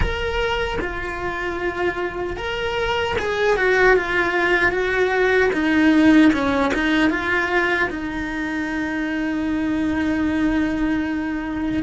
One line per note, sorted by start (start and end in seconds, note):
0.00 0.77 A#4
0.80 2.36 F4
2.36 3.15 A#4
3.19 3.56 G#4
3.56 3.96 F#4
3.96 4.71 F4
4.71 5.50 F#4
5.53 6.32 D#4
6.32 6.72 C#4
6.74 7.10 D#4
7.10 7.89 F4
7.89 11.83 D#4